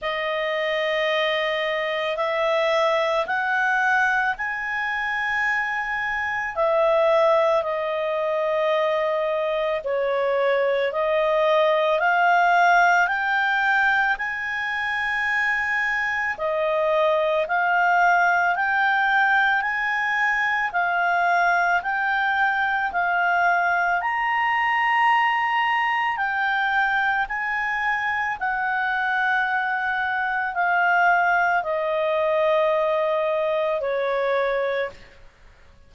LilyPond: \new Staff \with { instrumentName = "clarinet" } { \time 4/4 \tempo 4 = 55 dis''2 e''4 fis''4 | gis''2 e''4 dis''4~ | dis''4 cis''4 dis''4 f''4 | g''4 gis''2 dis''4 |
f''4 g''4 gis''4 f''4 | g''4 f''4 ais''2 | g''4 gis''4 fis''2 | f''4 dis''2 cis''4 | }